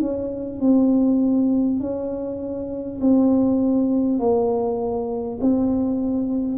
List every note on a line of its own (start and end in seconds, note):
0.00 0.60 C#4
0.60 1.79 C4
1.79 2.99 C#4
3.00 4.19 C4
4.19 5.39 A#3
5.41 6.57 C4